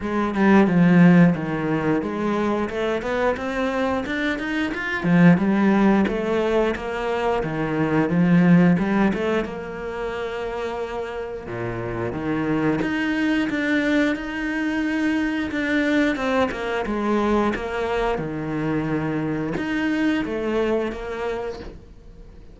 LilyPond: \new Staff \with { instrumentName = "cello" } { \time 4/4 \tempo 4 = 89 gis8 g8 f4 dis4 gis4 | a8 b8 c'4 d'8 dis'8 f'8 f8 | g4 a4 ais4 dis4 | f4 g8 a8 ais2~ |
ais4 ais,4 dis4 dis'4 | d'4 dis'2 d'4 | c'8 ais8 gis4 ais4 dis4~ | dis4 dis'4 a4 ais4 | }